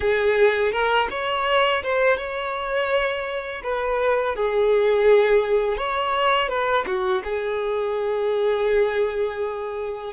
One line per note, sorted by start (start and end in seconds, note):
0.00 0.72 G#4
0.72 1.08 A#4
1.10 1.82 C#5
1.83 2.17 C5
2.17 3.61 C#5
3.63 4.35 B4
4.35 5.77 G#4
5.77 6.48 C#5
6.48 6.84 B4
6.86 7.22 F#4
7.24 10.13 G#4